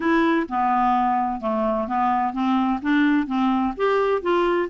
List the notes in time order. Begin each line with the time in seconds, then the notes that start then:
0.00 E4
0.48 B3
1.40 A3
1.87 B3
2.33 C4
2.82 D4
3.27 C4
3.76 G4
4.22 F4